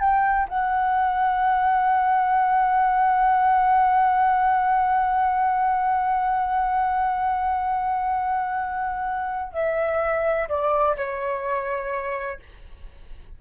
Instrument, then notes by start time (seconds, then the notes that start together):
flute
0.00 G5
0.49 F#5
9.53 E5
10.49 D5
10.97 C#5